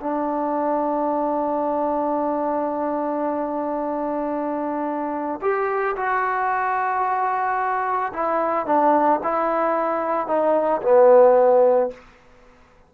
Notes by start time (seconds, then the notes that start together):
0.00 D4
5.42 G4
5.96 F#4
8.13 E4
8.66 D4
9.23 E4
10.27 D#4
10.82 B3